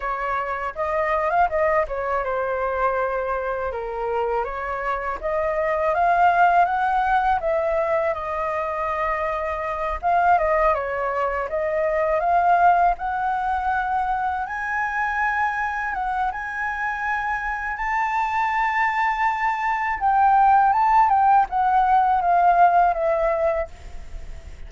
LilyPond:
\new Staff \with { instrumentName = "flute" } { \time 4/4 \tempo 4 = 81 cis''4 dis''8. f''16 dis''8 cis''8 c''4~ | c''4 ais'4 cis''4 dis''4 | f''4 fis''4 e''4 dis''4~ | dis''4. f''8 dis''8 cis''4 dis''8~ |
dis''8 f''4 fis''2 gis''8~ | gis''4. fis''8 gis''2 | a''2. g''4 | a''8 g''8 fis''4 f''4 e''4 | }